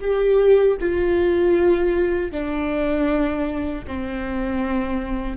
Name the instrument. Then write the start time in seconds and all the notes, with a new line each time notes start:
viola
0.00 G4
0.80 F4
2.30 D4
3.87 C4